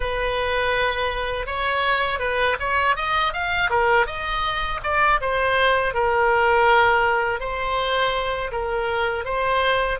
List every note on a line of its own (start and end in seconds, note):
0.00 1.46 B4
1.46 2.19 C#5
2.19 2.56 B4
2.59 2.96 C#5
2.96 3.33 D#5
3.33 3.70 F5
3.70 4.06 A#4
4.06 4.80 D#5
4.83 5.20 D5
5.21 5.94 C5
5.94 7.40 A#4
7.40 8.51 C5
8.51 9.25 A#4
9.25 9.99 C5